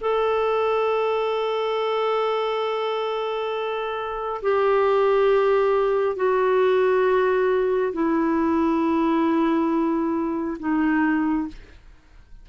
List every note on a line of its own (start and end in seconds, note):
0.00 4.41 A4
4.42 6.16 G4
6.16 7.92 F#4
7.93 10.57 E4
10.59 11.47 D#4